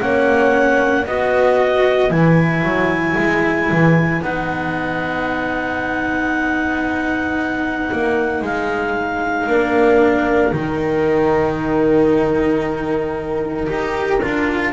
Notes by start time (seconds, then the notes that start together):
0.00 A#3 C#4 C#5 F#5
1.06 B3 F#4 B4 D#5
2.10 E3 E4 G#5
2.63 F#3
3.18 G#3
3.71 E3
4.22 B3 D#4 F#5
7.92 A#3
8.41 G#3 F5
9.47 A#3 D4 A#4
10.52 D#3 D#4 G5
13.67 D#4 G4
14.23 D4 F4